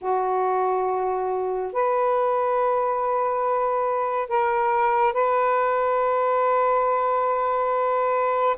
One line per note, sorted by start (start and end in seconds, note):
0.01 1.72 F#4
1.73 4.28 B4
4.28 5.13 A#4
5.13 8.56 B4